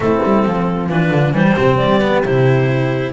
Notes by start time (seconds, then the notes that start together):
0.00 A3 C4 E4 A4
0.23 G3
0.45 F3 F4
0.89 E3 D4 B4
1.11 D3
1.31 E3 G3 G4 C5
1.56 C3 C4
1.77 G3 D5
2.01 B3
2.24 C3 E4 C5